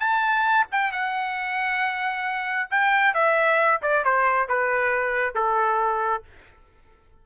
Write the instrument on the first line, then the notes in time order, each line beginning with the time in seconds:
trumpet
0.00 A5
0.72 G5
0.92 F#5
2.71 G5
3.14 E5
3.82 D5
4.04 C5
4.48 B4
5.35 A4